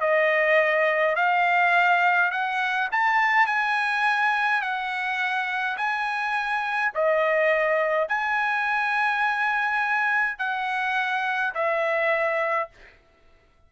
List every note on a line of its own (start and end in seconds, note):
0.00 1.15 D#5
1.15 2.31 F5
2.31 2.88 F#5
2.91 3.46 A5
3.46 4.61 G#5
4.61 5.77 F#5
5.77 6.92 G#5
6.94 8.08 D#5
8.08 10.38 G#5
10.38 11.53 F#5
11.54 12.69 E5